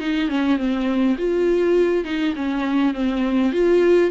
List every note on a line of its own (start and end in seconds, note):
0.00 0.29 D#4
0.29 0.58 C#4
0.58 1.17 C4
1.18 2.04 F4
2.04 2.34 D#4
2.36 2.94 C#4
2.94 3.52 C4
3.52 4.11 F4